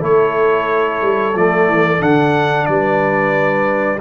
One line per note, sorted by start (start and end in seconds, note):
0.00 1.02 A3
0.00 1.33 E4
0.00 2.67 A4
0.00 1.37 C#5
1.02 1.35 G3
1.35 1.67 F3
1.35 1.98 A3
1.35 2.02 D5
1.67 2.01 E3
1.98 2.67 D3
1.98 3.98 D4
1.98 2.66 F#5
2.66 4.00 G3
2.66 4.00 B4
2.66 3.99 D5